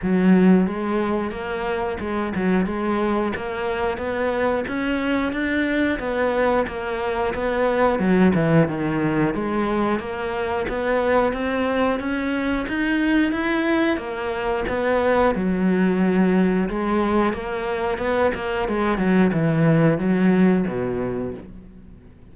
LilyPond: \new Staff \with { instrumentName = "cello" } { \time 4/4 \tempo 4 = 90 fis4 gis4 ais4 gis8 fis8 | gis4 ais4 b4 cis'4 | d'4 b4 ais4 b4 | fis8 e8 dis4 gis4 ais4 |
b4 c'4 cis'4 dis'4 | e'4 ais4 b4 fis4~ | fis4 gis4 ais4 b8 ais8 | gis8 fis8 e4 fis4 b,4 | }